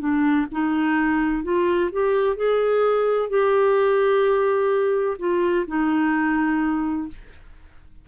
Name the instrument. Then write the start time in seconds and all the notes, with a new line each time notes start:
clarinet
0.00 D4
0.52 D#4
1.44 F4
1.92 G4
2.37 G#4
3.30 G4
5.19 F4
5.68 D#4